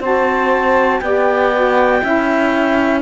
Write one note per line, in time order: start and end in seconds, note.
0.00 1.00 C4
0.00 1.02 F#4
0.00 1.00 C5
0.00 1.00 A5
1.00 2.01 B3
1.00 1.52 G4
1.00 2.02 D5
1.00 3.00 G5
1.54 2.03 F#4
2.02 3.02 C#4
2.02 3.02 E4
2.02 3.02 E5